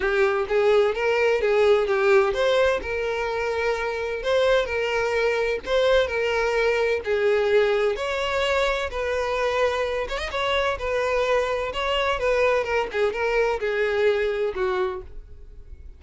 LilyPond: \new Staff \with { instrumentName = "violin" } { \time 4/4 \tempo 4 = 128 g'4 gis'4 ais'4 gis'4 | g'4 c''4 ais'2~ | ais'4 c''4 ais'2 | c''4 ais'2 gis'4~ |
gis'4 cis''2 b'4~ | b'4. cis''16 dis''16 cis''4 b'4~ | b'4 cis''4 b'4 ais'8 gis'8 | ais'4 gis'2 fis'4 | }